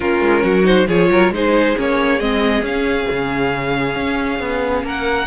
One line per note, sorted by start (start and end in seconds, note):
0.00 0.20 A#3
0.00 0.63 C#4
0.00 0.43 F4
0.00 0.65 A#4
0.20 0.43 G#3
0.43 0.87 F#3
0.43 0.87 F#4
0.63 0.85 D#4
0.63 0.87 C5
0.87 1.09 F3
0.87 1.33 F4
0.87 1.09 G#4
0.87 1.33 C#5
1.09 1.30 F#3
1.09 1.33 A#4
1.30 1.74 G#3
1.30 1.76 D#4
1.30 4.84 G#4
1.30 1.78 C5
1.76 2.20 A#3
1.76 2.20 C#4
1.76 2.19 C#5
2.19 2.61 G#3
2.19 2.64 C4
2.19 2.63 D#5
2.61 3.05 C#4
2.61 5.27 C#4
2.61 4.85 F5
3.10 3.95 C#3
3.95 4.39 C#4
4.39 4.83 B3
4.83 5.27 A#3
4.83 5.27 A#4
4.83 5.27 F#5